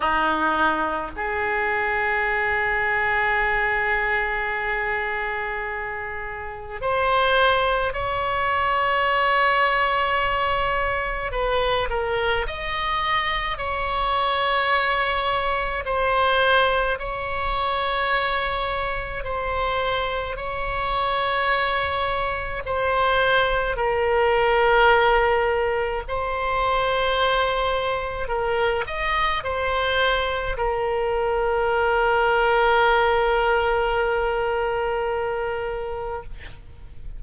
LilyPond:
\new Staff \with { instrumentName = "oboe" } { \time 4/4 \tempo 4 = 53 dis'4 gis'2.~ | gis'2 c''4 cis''4~ | cis''2 b'8 ais'8 dis''4 | cis''2 c''4 cis''4~ |
cis''4 c''4 cis''2 | c''4 ais'2 c''4~ | c''4 ais'8 dis''8 c''4 ais'4~ | ais'1 | }